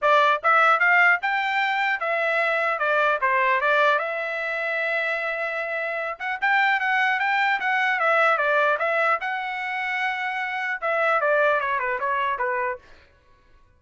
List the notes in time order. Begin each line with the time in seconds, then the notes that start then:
0.01 D5
0.43 E5
0.79 F5
1.22 G5
2.00 E5
2.79 D5
3.21 C5
3.60 D5
3.99 E5
6.19 F#5
6.41 G5
6.79 F#5
7.19 G5
7.60 F#5
7.99 E5
8.37 D5
8.78 E5
9.21 F#5
10.81 E5
11.21 D5
11.60 C#5
11.79 B4
11.99 C#5
12.38 B4